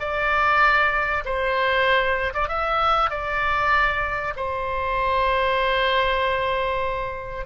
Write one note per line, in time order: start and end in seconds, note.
0.00 1.24 D5
1.25 2.34 C5
2.34 2.49 D5
2.49 3.10 E5
3.10 4.34 D5
4.37 7.46 C5